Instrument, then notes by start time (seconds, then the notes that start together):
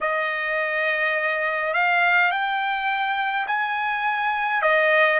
trumpet
0.00 D#5
1.73 F5
2.31 G5
3.47 G#5
4.62 D#5